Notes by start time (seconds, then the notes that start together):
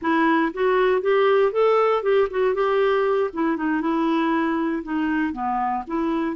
0.01 E4
0.53 F#4
1.01 G4
1.51 A4
2.02 G4
2.30 F#4
2.54 G4
3.33 E4
3.56 D#4
3.81 E4
4.83 D#4
5.32 B3
5.87 E4